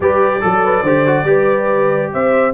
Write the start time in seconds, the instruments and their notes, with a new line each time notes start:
0.00 tuba G3, trombone G4, horn B4, trumpet D5
0.41 tuba F#3, trombone A4, horn A4
0.63 horn B4
0.82 tuba D3, trombone G4, horn C5
1.06 trombone F#4
1.23 tuba G3, trombone G4, horn B4
2.13 tuba C4, horn C5, trumpet E5